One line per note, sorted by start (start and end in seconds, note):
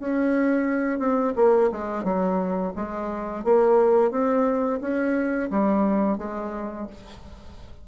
0.00 0.99 C#4
0.99 1.34 C4
1.36 1.71 A#3
1.72 2.04 G#3
2.04 2.73 F#3
2.76 3.45 G#3
3.45 4.11 A#3
4.11 4.80 C4
4.81 5.50 C#4
5.51 6.18 G3
6.18 6.87 G#3